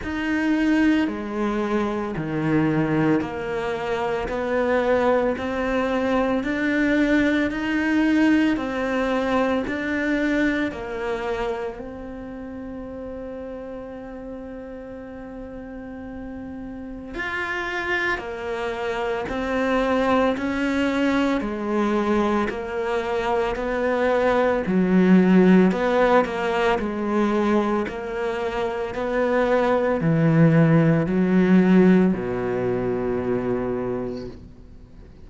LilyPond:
\new Staff \with { instrumentName = "cello" } { \time 4/4 \tempo 4 = 56 dis'4 gis4 dis4 ais4 | b4 c'4 d'4 dis'4 | c'4 d'4 ais4 c'4~ | c'1 |
f'4 ais4 c'4 cis'4 | gis4 ais4 b4 fis4 | b8 ais8 gis4 ais4 b4 | e4 fis4 b,2 | }